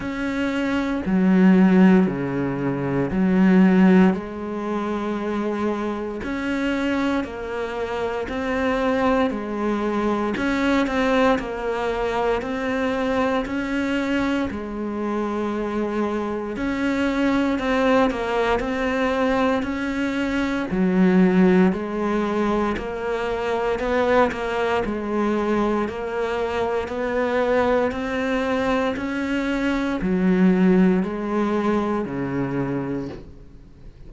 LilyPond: \new Staff \with { instrumentName = "cello" } { \time 4/4 \tempo 4 = 58 cis'4 fis4 cis4 fis4 | gis2 cis'4 ais4 | c'4 gis4 cis'8 c'8 ais4 | c'4 cis'4 gis2 |
cis'4 c'8 ais8 c'4 cis'4 | fis4 gis4 ais4 b8 ais8 | gis4 ais4 b4 c'4 | cis'4 fis4 gis4 cis4 | }